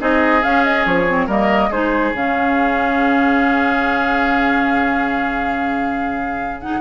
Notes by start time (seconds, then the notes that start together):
0.00 C4 D#4 G#4 D#5
0.43 C#4 F5
0.65 D#5
0.86 F3 C#5
1.08 C4
1.27 G3 A#3 A#4 D#5
1.70 G#3 D#4 G#4 C5
2.13 C#3 C#4 F5
6.61 D#4 F#5